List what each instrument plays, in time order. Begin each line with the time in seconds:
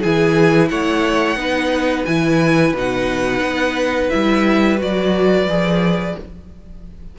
0.00 cello E3, viola E4, violin G#4 G#5
0.68 cello A3, violin C#5 F#5
1.36 cello B3, viola D#4, violin B4
2.05 cello E3, viola E4, violin G#5
2.73 cello B2, viola D#4, violin F#5
3.40 cello B3
4.09 cello G3, viola E4, violin E5
4.77 cello F#3, viola F#4, violin D5
5.46 cello F3, viola G#4